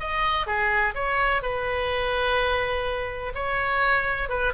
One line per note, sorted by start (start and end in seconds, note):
0.00 0.46 D#5
0.46 0.94 G#4
0.95 1.42 C#5
1.42 3.33 B4
3.34 4.29 C#5
4.29 4.53 B4